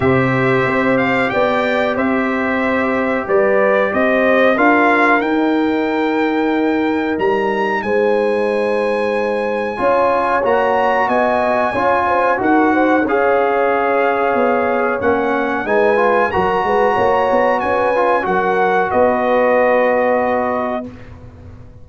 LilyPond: <<
  \new Staff \with { instrumentName = "trumpet" } { \time 4/4 \tempo 4 = 92 e''4. f''8 g''4 e''4~ | e''4 d''4 dis''4 f''4 | g''2. ais''4 | gis''1 |
ais''4 gis''2 fis''4 | f''2. fis''4 | gis''4 ais''2 gis''4 | fis''4 dis''2. | }
  \new Staff \with { instrumentName = "horn" } { \time 4/4 c''2 d''4 c''4~ | c''4 b'4 c''4 ais'4~ | ais'1 | c''2. cis''4~ |
cis''4 dis''4 cis''8 c''8 ais'8 c''8 | cis''1 | b'4 ais'8 b'8 cis''4 b'4 | ais'4 b'2. | }
  \new Staff \with { instrumentName = "trombone" } { \time 4/4 g'1~ | g'2. f'4 | dis'1~ | dis'2. f'4 |
fis'2 f'4 fis'4 | gis'2. cis'4 | dis'8 f'8 fis'2~ fis'8 f'8 | fis'1 | }
  \new Staff \with { instrumentName = "tuba" } { \time 4/4 c4 c'4 b4 c'4~ | c'4 g4 c'4 d'4 | dis'2. g4 | gis2. cis'4 |
ais4 b4 cis'4 dis'4 | cis'2 b4 ais4 | gis4 fis8 gis8 ais8 b8 cis'4 | fis4 b2. | }
>>